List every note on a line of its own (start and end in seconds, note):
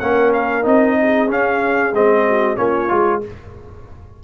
0.00 0.66 A#3
0.00 0.63 C#4
0.00 0.98 A#4
0.00 0.32 F#5
0.34 0.66 F5
0.63 1.29 C4
0.63 1.28 D#4
0.63 1.32 D#5
1.02 2.28 G#4
1.28 1.92 C#4
1.28 1.93 C#4
1.28 1.95 F5
1.93 2.58 G#3
1.93 2.56 C4
1.93 2.57 D#5
2.28 2.58 F#4
2.56 2.91 A#3
2.56 2.89 C#4
2.56 3.22 F4
2.56 3.21 C#5
2.89 3.24 G#3
2.89 3.21 F4